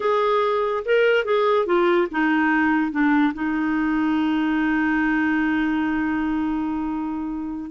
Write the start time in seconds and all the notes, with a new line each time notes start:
0.00 G#4
0.85 A#4
1.25 G#4
1.66 F4
2.11 D#4
2.91 D4
3.33 D#4